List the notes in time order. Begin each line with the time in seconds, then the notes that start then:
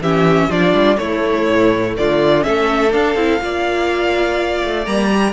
0.00 E3 C#4 G4 E5
0.49 F3 D4 F4 D5
0.73 G3
0.97 A3 E4 C#5
1.48 A2
1.97 D3 F4 D5
2.39 C#4 A4 E5
2.46 A3
2.91 D4 F5
3.15 C4 E4
3.40 A#3 F4 D5
4.64 A3
4.86 G3 A#3 A#5
5.10 G4